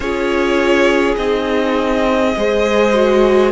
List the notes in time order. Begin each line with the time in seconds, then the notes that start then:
0.00 C#4 F4 G#4 C#5
1.16 C4 D#4 D#5
2.36 G#3 G#4 C5
2.93 F#4